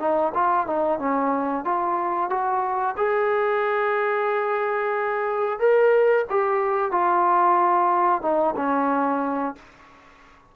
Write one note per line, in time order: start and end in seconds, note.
0.00 0.33 D#4
0.35 0.67 F4
0.67 0.99 D#4
0.99 1.65 C#4
1.65 2.30 F4
2.30 2.96 F#4
2.98 5.60 G#4
5.60 6.26 A#4
6.30 6.92 G4
6.92 8.22 F4
8.22 8.55 D#4
8.57 9.56 C#4